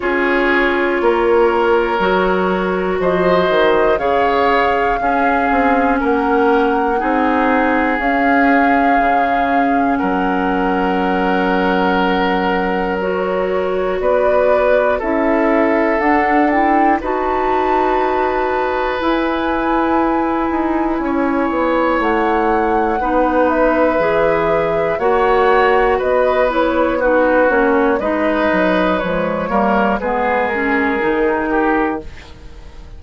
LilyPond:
<<
  \new Staff \with { instrumentName = "flute" } { \time 4/4 \tempo 4 = 60 cis''2. dis''4 | f''2 fis''2 | f''2 fis''2~ | fis''4 cis''4 d''4 e''4 |
fis''8 g''8 a''2 gis''4~ | gis''2 fis''4. e''8~ | e''4 fis''4 dis''8 cis''8 b'8 cis''8 | dis''4 cis''4 b'8 ais'4. | }
  \new Staff \with { instrumentName = "oboe" } { \time 4/4 gis'4 ais'2 c''4 | cis''4 gis'4 ais'4 gis'4~ | gis'2 ais'2~ | ais'2 b'4 a'4~ |
a'4 b'2.~ | b'4 cis''2 b'4~ | b'4 cis''4 b'4 fis'4 | b'4. ais'8 gis'4. g'8 | }
  \new Staff \with { instrumentName = "clarinet" } { \time 4/4 f'2 fis'2 | gis'4 cis'2 dis'4 | cis'1~ | cis'4 fis'2 e'4 |
d'8 e'8 fis'2 e'4~ | e'2. dis'4 | gis'4 fis'4. e'8 dis'8 cis'8 | dis'4 gis8 ais8 b8 cis'8 dis'4 | }
  \new Staff \with { instrumentName = "bassoon" } { \time 4/4 cis'4 ais4 fis4 f8 dis8 | cis4 cis'8 c'8 ais4 c'4 | cis'4 cis4 fis2~ | fis2 b4 cis'4 |
d'4 dis'2 e'4~ | e'8 dis'8 cis'8 b8 a4 b4 | e4 ais4 b4. ais8 | gis8 fis8 f8 g8 gis4 dis4 | }
>>